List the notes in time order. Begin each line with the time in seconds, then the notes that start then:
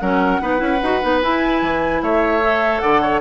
0.00 F#3 C#4 A#4 F#5
0.41 B3 D#4 B4
0.57 C#4 E4
0.82 D#4 F#4
1.01 B3 D#4
1.22 E4 G#5
1.62 E3
2.02 A3 C#5 E5
2.42 A4
2.80 D3 D5 F#5
3.01 C#5